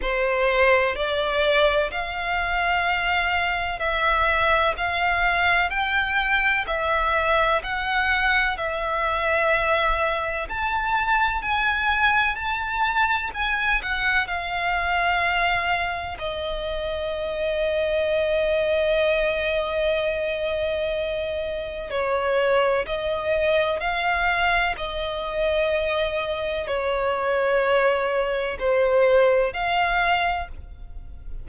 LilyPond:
\new Staff \with { instrumentName = "violin" } { \time 4/4 \tempo 4 = 63 c''4 d''4 f''2 | e''4 f''4 g''4 e''4 | fis''4 e''2 a''4 | gis''4 a''4 gis''8 fis''8 f''4~ |
f''4 dis''2.~ | dis''2. cis''4 | dis''4 f''4 dis''2 | cis''2 c''4 f''4 | }